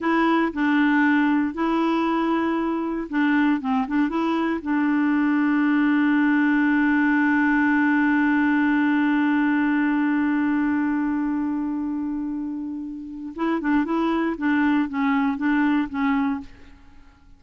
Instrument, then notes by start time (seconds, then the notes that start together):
clarinet
0.00 E4
0.53 D4
1.54 E4
3.09 D4
3.60 C4
3.87 D4
4.09 E4
4.61 D4
13.35 E4
13.61 D4
13.85 E4
14.37 D4
14.88 C#4
15.37 D4
15.89 C#4